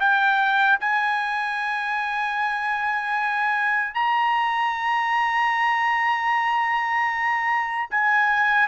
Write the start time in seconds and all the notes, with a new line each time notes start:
0.00 G5
0.80 G#5
3.94 A#5
7.91 G#5